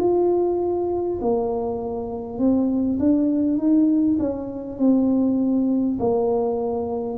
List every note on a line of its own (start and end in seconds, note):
0.00 1.20 F4
1.22 2.39 A#3
2.39 2.99 C4
3.00 3.58 D4
3.58 4.18 D#4
4.20 4.78 C#4
4.78 5.98 C4
5.99 7.18 A#3